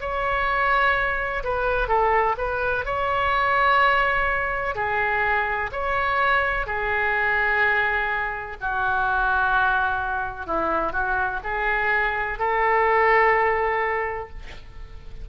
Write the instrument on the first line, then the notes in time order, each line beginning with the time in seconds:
oboe
0.00 C#5
1.43 B4
1.87 A4
2.37 B4
2.85 C#5
4.75 G#4
5.71 C#5
6.66 G#4
8.61 F#4
10.46 E4
10.92 F#4
11.43 G#4
12.39 A4